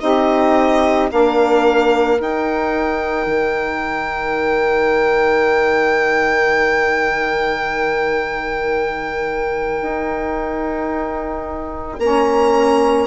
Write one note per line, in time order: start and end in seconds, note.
0.00 1.10 C4
0.00 1.09 D#4
0.00 1.10 G4
0.00 1.09 D#5
1.11 2.20 A#3
1.11 2.16 D4
1.11 13.07 A#4
1.11 2.21 F5
2.16 11.98 D#4
2.16 3.26 D#4
2.16 12.00 G5
3.26 9.80 D#3
9.82 11.99 D#4
11.99 13.07 A#3
11.99 13.07 C#4
11.99 13.07 A#5